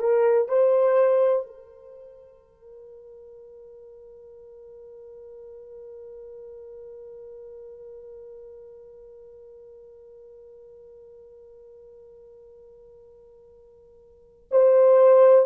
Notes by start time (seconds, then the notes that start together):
0.00 A#4
0.49 C5
1.47 A#4
14.51 C5